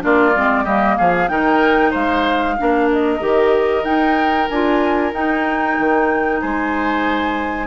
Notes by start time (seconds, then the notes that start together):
0.00 A#3 D4 F4 D5
0.35 G#3 C4
0.63 G3 A#3 G4 D#5
0.98 F3 G#4 F5
1.28 D#3 D#4 A#4 G5
1.90 G#3 C5 F5
2.57 A#3 D4 A#4
2.91 D#5
3.19 D#3 G4
3.84 D#4 G5
4.48 D4 F4 G#5
5.12 D#4 G5
5.78 D#3
6.41 G#3 C5 G#5